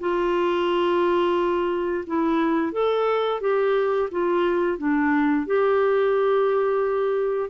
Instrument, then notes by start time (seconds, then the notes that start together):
clarinet
0.00 F4
2.07 E4
2.72 A4
3.41 G4
4.11 F4
4.78 D4
5.46 G4